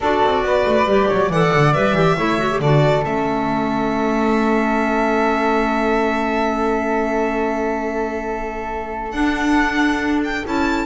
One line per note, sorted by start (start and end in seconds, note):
0.00 0.22 D4
0.00 0.87 F#4
0.00 0.44 A4
0.00 1.31 D5
0.23 0.42 C4
0.42 0.64 B3
0.42 1.08 B4
0.65 0.84 A3
0.84 1.06 G3
0.84 1.31 G4
1.08 1.29 F#3
1.08 1.29 C#5
1.29 1.51 E3
1.29 1.74 A4
1.29 2.16 D5
1.29 1.73 F#5
1.54 1.75 D3
1.73 1.92 G3
1.73 1.95 B4
1.73 2.60 E5
1.92 2.14 E3
1.92 2.16 G4
2.17 2.59 A3
2.17 2.38 E4
2.17 2.61 C#5
2.38 2.49 F#4
2.50 2.61 G4
2.59 3.03 D3
2.59 3.03 F#4
2.59 10.86 A4
2.59 3.04 D5
3.03 9.13 A3
3.03 9.11 C#4
3.03 9.11 E5
9.11 10.43 D4
9.11 10.20 F#5
10.24 10.45 G5
10.44 10.86 C#4
10.44 10.86 E4
10.44 10.86 A5